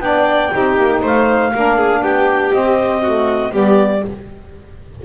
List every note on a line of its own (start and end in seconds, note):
0.00 0.50 B3
0.00 0.51 D4
0.00 0.55 D5
0.00 1.01 G5
0.52 0.78 C4
0.52 1.52 D#4
0.52 1.02 G4
0.78 1.02 A#3
1.02 1.53 A3
1.02 1.52 C5
1.02 2.04 F5
1.54 2.03 A#3
1.54 2.53 D4
1.54 1.77 A#4
1.77 2.02 G#4
2.02 2.53 B3
2.02 3.02 G4
2.02 2.53 G5
2.53 3.03 C4
2.53 3.53 C4
2.53 3.53 D#5
3.02 3.52 A3
3.02 3.52 F#4
3.52 4.03 G3
3.52 4.02 B3
3.52 4.03 G4
3.52 4.06 D5